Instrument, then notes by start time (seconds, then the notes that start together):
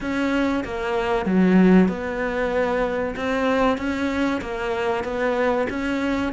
cello
0.01 C#4
0.64 A#3
1.25 F#3
1.88 B3
3.16 C4
3.77 C#4
4.41 A#3
5.04 B3
5.69 C#4